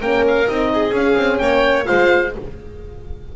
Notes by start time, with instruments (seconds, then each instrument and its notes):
0.00 double bass A#3, horn C#4, violin A#4, oboe G5
0.27 oboe F5
0.47 double bass C4, horn D#4, oboe D#5
0.73 violin G#4
0.92 double bass C#4, horn C#4, oboe F5
1.16 double bass C4
1.38 double bass A#3, violin C#5, oboe G5
1.85 double bass G#3, horn F4, violin C5, oboe F5